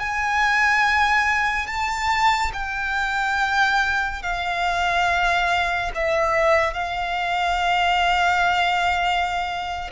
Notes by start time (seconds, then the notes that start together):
0.00 G#5
1.67 A5
2.54 G5
4.23 F5
5.95 E5
6.74 F5